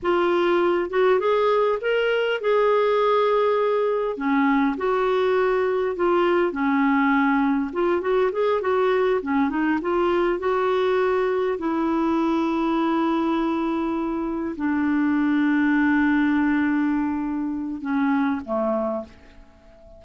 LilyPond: \new Staff \with { instrumentName = "clarinet" } { \time 4/4 \tempo 4 = 101 f'4. fis'8 gis'4 ais'4 | gis'2. cis'4 | fis'2 f'4 cis'4~ | cis'4 f'8 fis'8 gis'8 fis'4 cis'8 |
dis'8 f'4 fis'2 e'8~ | e'1~ | e'8 d'2.~ d'8~ | d'2 cis'4 a4 | }